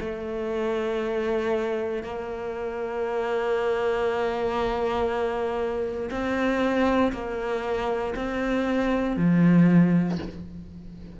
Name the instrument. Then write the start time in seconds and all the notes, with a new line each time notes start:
cello
0.00 A3
2.03 A#3
6.11 C4
7.13 A#3
8.15 C4
9.17 F3